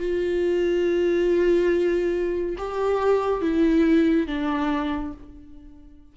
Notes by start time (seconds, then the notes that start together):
0.00 F4
2.58 G4
3.42 E4
4.27 D4